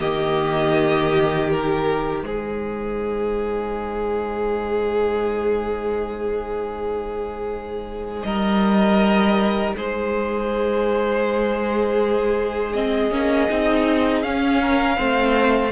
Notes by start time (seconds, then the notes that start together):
0.00 D#3 A#3 G4 D#5
1.48 D#4 A#4
2.24 G#3 G#4 C5
8.23 G3 A#4 D#5
9.77 G#3 G#4 C5
12.73 C4 D#5
13.11 A#3 C#4
13.50 C4 D#4
14.23 C#4 F5
14.62 A#4
14.97 A3 C4 C5